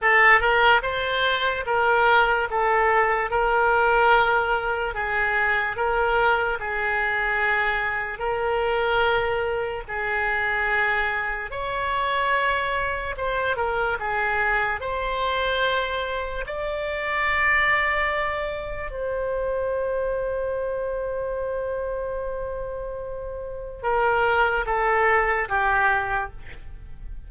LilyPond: \new Staff \with { instrumentName = "oboe" } { \time 4/4 \tempo 4 = 73 a'8 ais'8 c''4 ais'4 a'4 | ais'2 gis'4 ais'4 | gis'2 ais'2 | gis'2 cis''2 |
c''8 ais'8 gis'4 c''2 | d''2. c''4~ | c''1~ | c''4 ais'4 a'4 g'4 | }